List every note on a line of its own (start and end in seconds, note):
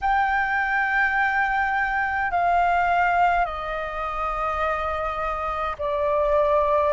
0.01 2.31 G5
2.31 3.45 F5
3.45 5.76 D#5
5.78 6.93 D5